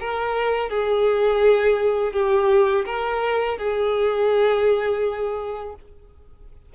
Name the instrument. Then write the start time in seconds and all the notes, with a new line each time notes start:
violin
0.00 A#4
0.70 G#4
2.13 G4
2.86 A#4
3.58 G#4